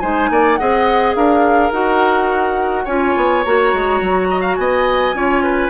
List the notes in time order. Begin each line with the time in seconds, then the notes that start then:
0.00 G#3 D#4 C5 G#5
0.30 A#3 D5
0.56 C4 G#4 D#5 F#5
1.15 D4 A#4 F5
1.71 D#4 F#4 F#5
2.85 C#4 F4 C#5 G#5
3.17 B3
3.45 A#3 F#4 A#5
3.74 G#3
4.01 F#3
4.30 D#5
4.41 F5
4.56 B3 D#5 G#5
5.14 C#4 F4 C#5
5.44 B4